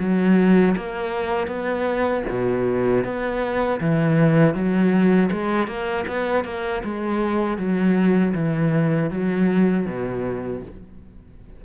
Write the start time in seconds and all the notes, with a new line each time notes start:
0.00 F#3
0.77 A#3
1.48 B3
2.30 B2
3.05 B3
3.81 E3
4.55 F#3
5.32 G#3
5.68 A#3
6.08 B3
6.45 A#3
6.85 G#3
7.58 F#3
8.35 E3
9.11 F#3
9.87 B2